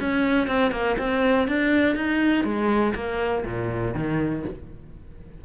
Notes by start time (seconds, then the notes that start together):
0.00 C#4
0.48 C4
0.72 A#3
0.98 C4
1.48 D4
1.96 D#4
2.45 G#3
2.95 A#3
3.45 A#2
3.95 D#3